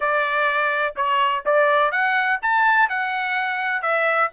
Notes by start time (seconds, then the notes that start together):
0.00 D5
0.96 C#5
1.45 D5
1.91 F#5
2.41 A5
2.89 F#5
3.82 E5